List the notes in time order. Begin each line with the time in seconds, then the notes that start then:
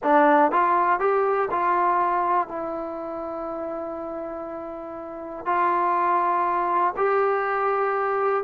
0.03 D4
0.51 F4
0.99 G4
1.51 F4
2.48 E4
5.45 F4
6.96 G4